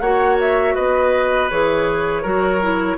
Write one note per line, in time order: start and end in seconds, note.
0.00 0.75 A#3
0.00 1.51 F#4
0.00 0.75 C#5
0.00 0.37 F#5
0.41 0.75 E5
0.75 1.52 B3
0.75 2.23 B4
0.75 1.50 D#5
1.50 2.25 E3
1.50 2.24 G#4
1.50 2.98 C#5
2.23 2.98 F#3
2.23 2.61 F#4
2.23 2.97 A#4
2.62 2.98 E4